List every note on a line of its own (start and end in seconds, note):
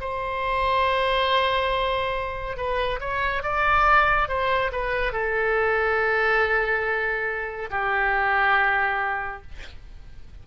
0.00 2.56 C5
2.56 2.99 B4
3.00 3.42 C#5
3.42 4.28 D5
4.28 4.71 C5
4.72 5.12 B4
5.12 7.69 A4
7.70 9.42 G4